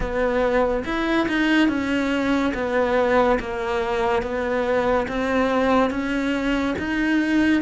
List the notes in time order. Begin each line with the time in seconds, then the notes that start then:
0.00 B3
0.85 E4
1.28 D#4
1.68 C#4
2.54 B3
3.39 A#3
4.22 B3
5.07 C4
5.90 C#4
6.78 D#4